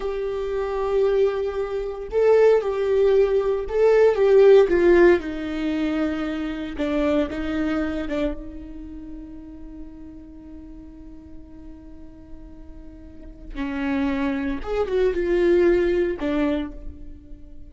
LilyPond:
\new Staff \with { instrumentName = "viola" } { \time 4/4 \tempo 4 = 115 g'1 | a'4 g'2 a'4 | g'4 f'4 dis'2~ | dis'4 d'4 dis'4. d'8 |
dis'1~ | dis'1~ | dis'2 cis'2 | gis'8 fis'8 f'2 d'4 | }